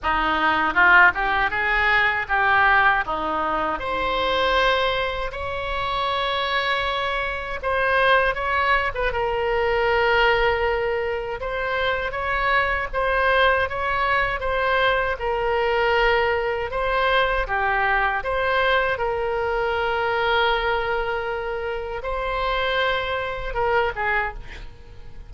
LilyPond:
\new Staff \with { instrumentName = "oboe" } { \time 4/4 \tempo 4 = 79 dis'4 f'8 g'8 gis'4 g'4 | dis'4 c''2 cis''4~ | cis''2 c''4 cis''8. b'16 | ais'2. c''4 |
cis''4 c''4 cis''4 c''4 | ais'2 c''4 g'4 | c''4 ais'2.~ | ais'4 c''2 ais'8 gis'8 | }